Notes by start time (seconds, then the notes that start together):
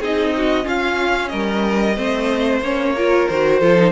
0.00 C4 D#4 G#4 D#5
0.36 F#4
0.63 C#4 F4 F5
1.28 G3 A#4 D#5
1.95 A3 C4 C5
2.61 A#3 C#4 C#5
2.95 F4 A#4
3.28 D#3 F#4 C5
3.59 F3 F4 A4
3.76 D#4